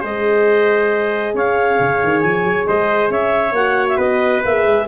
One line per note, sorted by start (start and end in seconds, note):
0.00 1.34 G#3
0.00 3.53 G#4
0.00 1.33 C5
0.00 1.35 D#5
1.34 1.78 C#4
1.34 2.67 C#5
1.34 2.20 F5
1.79 2.01 C#3
2.03 2.23 D#3
2.20 2.44 F3
2.20 2.64 G#5
2.44 2.66 F#3
2.66 3.09 G#3
2.66 3.11 C5
2.66 3.10 D#5
3.09 3.52 C#4
3.09 3.96 C#5
3.09 3.54 E5
3.52 3.96 A#3
3.52 4.44 F#4
3.52 3.87 F#5
3.88 3.98 E5
3.96 4.42 B3
3.96 4.85 B4
3.96 4.43 D#5
4.44 4.65 A#3
4.44 4.87 G#4
4.44 4.87 E5
4.65 4.87 G#3